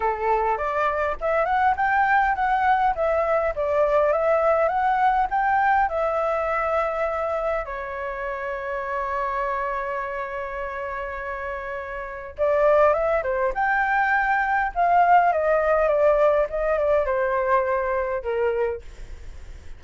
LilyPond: \new Staff \with { instrumentName = "flute" } { \time 4/4 \tempo 4 = 102 a'4 d''4 e''8 fis''8 g''4 | fis''4 e''4 d''4 e''4 | fis''4 g''4 e''2~ | e''4 cis''2.~ |
cis''1~ | cis''4 d''4 e''8 c''8 g''4~ | g''4 f''4 dis''4 d''4 | dis''8 d''8 c''2 ais'4 | }